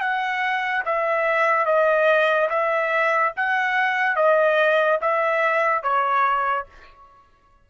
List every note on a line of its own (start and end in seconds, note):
0.00 0.83 F#5
0.85 1.65 E5
1.65 2.48 D#5
2.49 3.33 E5
3.36 4.16 F#5
4.16 4.99 D#5
5.01 5.82 E5
5.82 6.66 C#5